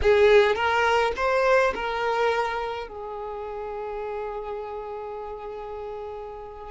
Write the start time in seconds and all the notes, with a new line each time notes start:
0.02 G#4
0.55 A#4
1.16 C5
1.75 A#4
2.88 G#4